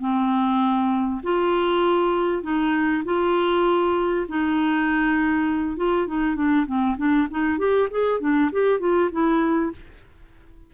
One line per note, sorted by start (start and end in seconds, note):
0.00 1.21 C4
1.23 2.42 F4
2.42 3.03 D#4
3.05 4.26 F4
4.28 5.77 D#4
5.77 6.07 F4
6.07 6.35 D#4
6.35 6.66 D4
6.66 6.96 C4
6.97 7.27 D4
7.30 7.58 D#4
7.58 7.88 G4
7.91 8.20 G#4
8.20 8.50 D4
8.52 8.80 G4
8.80 9.10 F4
9.11 9.72 E4